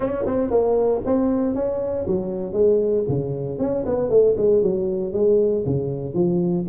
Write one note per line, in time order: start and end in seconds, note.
0.00 0.25 C#4
0.26 0.50 C4
0.50 1.01 A#3
1.05 1.54 C4
1.54 2.06 C#4
2.07 2.53 F#3
2.53 3.04 G#3
3.08 3.58 C#3
3.58 3.84 C#4
3.85 4.09 B3
4.09 4.35 A3
4.37 4.62 G#3
4.62 5.13 F#3
5.13 5.64 G#3
5.65 6.14 C#3
6.14 6.65 F3